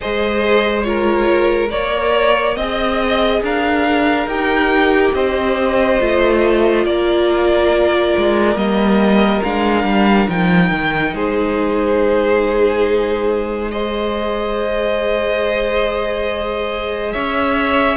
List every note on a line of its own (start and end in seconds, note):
0.00 1.73 G#3
0.00 0.84 G#4
0.00 0.86 C5
0.00 0.82 D#5
0.82 1.69 F4
0.82 1.71 A#4
0.82 1.68 C#5
1.70 2.56 A#3
1.70 2.57 A#4
1.70 2.56 C#5
1.70 2.54 D5
2.54 3.41 C4
2.54 4.28 G#4
2.54 3.40 D#5
2.54 3.42 D#5
3.42 4.26 D4
3.42 5.14 A#4
3.42 4.28 F5
4.26 5.12 D#4
4.26 5.99 G4
4.26 5.14 G5
5.13 5.99 C4
5.13 6.85 C5
5.13 6.85 D#5
5.99 6.85 A3
5.99 8.56 F4
6.85 8.13 A#3
6.85 11.14 A#4
6.85 8.57 D5
8.17 8.55 G#3
8.55 9.41 G3
8.55 9.41 A#3
8.55 9.42 D#5
9.43 9.84 G#3
9.43 10.29 D4
9.43 10.29 F5
9.84 10.27 G3
10.28 10.71 F3
10.28 13.72 D#4
10.28 11.14 G5
10.71 11.13 D#3
11.13 17.13 G#3
11.13 13.71 G#4
11.13 13.71 C5
13.71 17.97 G#4
13.71 17.13 C5
13.71 17.12 D#5
17.12 17.97 C#4
17.12 17.97 C#5
17.12 17.97 E5